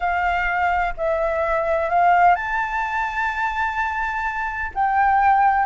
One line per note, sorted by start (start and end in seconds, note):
0.00 0.93 F5
0.97 1.89 E5
1.89 2.35 F5
2.35 4.71 A5
4.74 5.65 G5